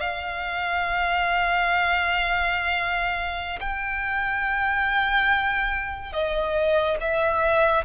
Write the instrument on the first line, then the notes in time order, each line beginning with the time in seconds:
violin
0.00 F5
3.60 G5
6.13 D#5
7.00 E5